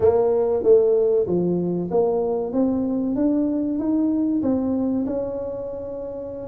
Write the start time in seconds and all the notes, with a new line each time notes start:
0.00 A#3
0.63 A3
1.27 F3
1.90 A#3
2.52 C4
3.15 D4
3.78 D#4
4.42 C4
5.06 C#4